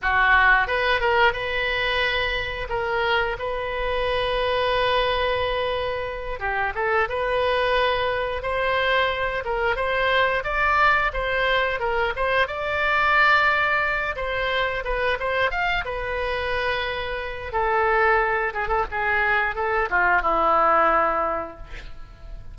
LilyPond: \new Staff \with { instrumentName = "oboe" } { \time 4/4 \tempo 4 = 89 fis'4 b'8 ais'8 b'2 | ais'4 b'2.~ | b'4. g'8 a'8 b'4.~ | b'8 c''4. ais'8 c''4 d''8~ |
d''8 c''4 ais'8 c''8 d''4.~ | d''4 c''4 b'8 c''8 f''8 b'8~ | b'2 a'4. gis'16 a'16 | gis'4 a'8 f'8 e'2 | }